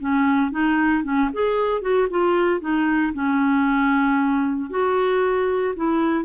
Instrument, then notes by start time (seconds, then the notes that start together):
clarinet
0.00 C#4
0.51 D#4
1.03 C#4
1.33 G#4
1.81 F#4
2.10 F4
2.60 D#4
3.13 C#4
4.70 F#4
5.76 E4